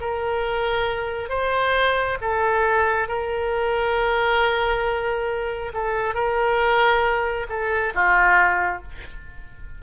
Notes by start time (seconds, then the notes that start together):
0.00 A#4
1.29 C5
2.21 A4
3.08 A#4
5.73 A4
6.14 A#4
7.49 A4
7.94 F4